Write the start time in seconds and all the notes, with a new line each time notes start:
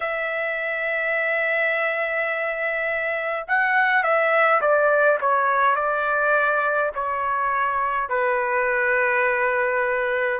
0.00 E5
3.47 F#5
4.03 E5
4.61 D5
5.20 C#5
5.75 D5
6.94 C#5
8.09 B4